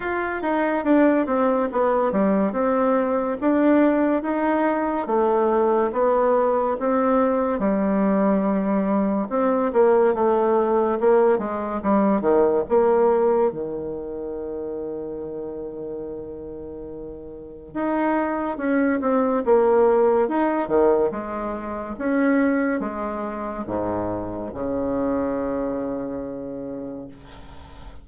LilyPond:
\new Staff \with { instrumentName = "bassoon" } { \time 4/4 \tempo 4 = 71 f'8 dis'8 d'8 c'8 b8 g8 c'4 | d'4 dis'4 a4 b4 | c'4 g2 c'8 ais8 | a4 ais8 gis8 g8 dis8 ais4 |
dis1~ | dis4 dis'4 cis'8 c'8 ais4 | dis'8 dis8 gis4 cis'4 gis4 | gis,4 cis2. | }